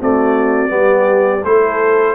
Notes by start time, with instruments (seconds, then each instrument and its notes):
0.00 trombone A3, tuba C4, horn F#4, trumpet D5
0.68 tuba G3, trombone B3, horn G4
1.44 tuba A3, trombone E4, horn A4, trumpet C5